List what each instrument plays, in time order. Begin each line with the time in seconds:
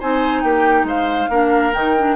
0.00 bassoon C4, clarinet D#4, oboe C5, flute G#5
0.43 bassoon A#3, oboe G4, flute G5
0.84 bassoon G#3, oboe C5, flute F5
1.29 bassoon A#3, clarinet D4, oboe A#4
1.73 bassoon D#3, clarinet D#4, flute G5
1.98 clarinet D4